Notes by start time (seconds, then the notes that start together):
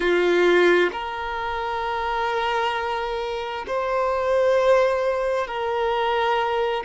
0.00 F4
0.92 A#4
3.67 C5
5.47 A#4